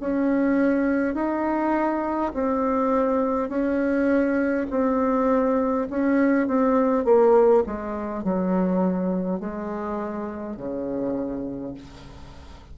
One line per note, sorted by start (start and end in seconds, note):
0.00 1.14 C#4
1.14 2.32 D#4
2.34 3.49 C4
3.49 4.67 C#4
4.70 5.88 C4
5.90 6.47 C#4
6.47 7.04 C4
7.04 7.63 A#3
7.66 8.24 G#3
8.24 9.40 F#3
9.40 10.56 G#3
10.56 11.74 C#3